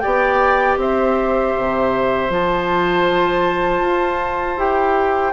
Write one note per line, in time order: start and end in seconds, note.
0.00 0.78 B3
0.00 2.30 G4
0.00 0.78 D5
0.00 0.76 G5
0.78 1.53 C4
0.78 5.33 C5
0.78 2.33 E5
1.57 2.30 C3
2.30 3.81 F3
2.30 4.58 F4
2.30 4.60 A5
3.81 4.57 F4
4.57 5.33 E4
4.57 5.33 G4
4.57 5.33 G5